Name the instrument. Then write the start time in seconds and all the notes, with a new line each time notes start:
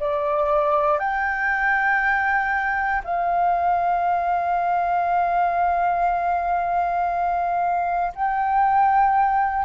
flute
0.00 D5
0.99 G5
3.04 F5
8.15 G5